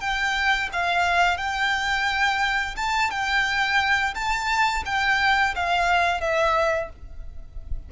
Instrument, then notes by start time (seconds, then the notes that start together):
violin
0.00 G5
0.72 F5
1.37 G5
2.76 A5
3.11 G5
4.14 A5
4.86 G5
5.55 F5
6.21 E5